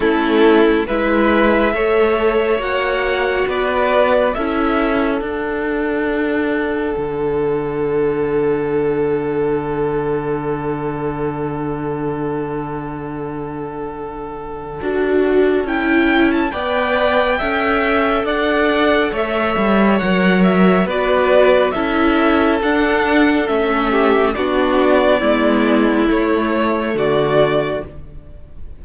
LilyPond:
<<
  \new Staff \with { instrumentName = "violin" } { \time 4/4 \tempo 4 = 69 a'4 e''2 fis''4 | d''4 e''4 fis''2~ | fis''1~ | fis''1~ |
fis''2 g''8. a''16 g''4~ | g''4 fis''4 e''4 fis''8 e''8 | d''4 e''4 fis''4 e''4 | d''2 cis''4 d''4 | }
  \new Staff \with { instrumentName = "violin" } { \time 4/4 e'4 b'4 cis''2 | b'4 a'2.~ | a'1~ | a'1~ |
a'2. d''4 | e''4 d''4 cis''2 | b'4 a'2~ a'8 g'8 | fis'4 e'2 fis'4 | }
  \new Staff \with { instrumentName = "viola" } { \time 4/4 cis'4 e'4 a'4 fis'4~ | fis'4 e'4 d'2~ | d'1~ | d'1~ |
d'4 fis'4 e'4 b'4 | a'2. ais'4 | fis'4 e'4 d'4 cis'4 | d'4 b4 a2 | }
  \new Staff \with { instrumentName = "cello" } { \time 4/4 a4 gis4 a4 ais4 | b4 cis'4 d'2 | d1~ | d1~ |
d4 d'4 cis'4 b4 | cis'4 d'4 a8 g8 fis4 | b4 cis'4 d'4 a4 | b4 gis4 a4 d4 | }
>>